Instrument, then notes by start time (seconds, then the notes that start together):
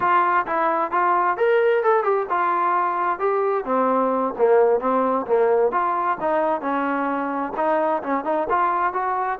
trombone
0.00 F4
0.46 E4
0.91 F4
1.37 A#4
1.83 A4
2.03 G4
2.29 F4
3.19 G4
3.64 C4
4.38 A#3
4.80 C4
5.26 A#3
5.71 F4
6.20 D#4
6.61 C#4
7.56 D#4
8.03 C#4
8.24 D#4
8.49 F4
8.93 F#4